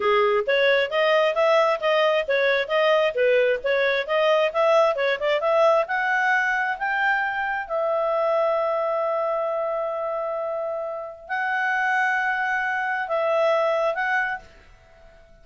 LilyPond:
\new Staff \with { instrumentName = "clarinet" } { \time 4/4 \tempo 4 = 133 gis'4 cis''4 dis''4 e''4 | dis''4 cis''4 dis''4 b'4 | cis''4 dis''4 e''4 cis''8 d''8 | e''4 fis''2 g''4~ |
g''4 e''2.~ | e''1~ | e''4 fis''2.~ | fis''4 e''2 fis''4 | }